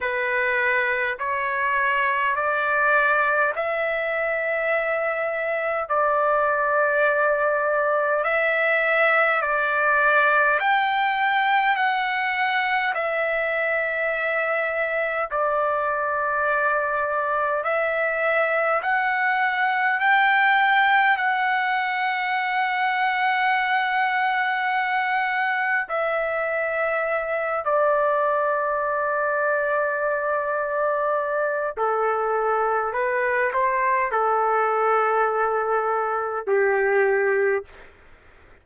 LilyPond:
\new Staff \with { instrumentName = "trumpet" } { \time 4/4 \tempo 4 = 51 b'4 cis''4 d''4 e''4~ | e''4 d''2 e''4 | d''4 g''4 fis''4 e''4~ | e''4 d''2 e''4 |
fis''4 g''4 fis''2~ | fis''2 e''4. d''8~ | d''2. a'4 | b'8 c''8 a'2 g'4 | }